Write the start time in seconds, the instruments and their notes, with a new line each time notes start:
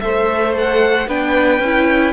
0.00 cello A3, viola A4, violin C5 E5
0.58 violin F#5
1.07 cello B3, viola D4, violin B4 G5
1.59 cello C#4, viola E4